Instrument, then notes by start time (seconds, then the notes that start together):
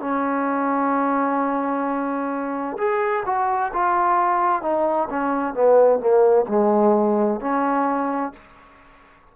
trombone
0.00 C#4
2.77 G#4
3.26 F#4
3.73 F4
4.62 D#4
5.09 C#4
5.54 B3
5.99 A#3
6.48 G#3
7.40 C#4